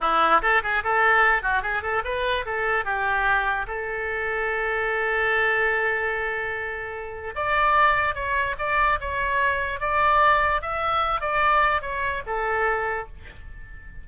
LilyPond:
\new Staff \with { instrumentName = "oboe" } { \time 4/4 \tempo 4 = 147 e'4 a'8 gis'8 a'4. fis'8 | gis'8 a'8 b'4 a'4 g'4~ | g'4 a'2.~ | a'1~ |
a'2 d''2 | cis''4 d''4 cis''2 | d''2 e''4. d''8~ | d''4 cis''4 a'2 | }